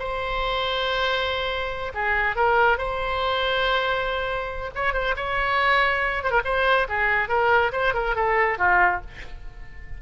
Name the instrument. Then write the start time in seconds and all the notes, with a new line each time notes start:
oboe
0.00 C5
1.95 G#4
2.36 A#4
2.78 C5
4.76 C#5
4.94 C5
5.17 C#5
6.24 C5
6.31 A#4
6.45 C5
6.89 G#4
7.29 A#4
7.73 C5
7.94 A#4
8.16 A4
8.59 F4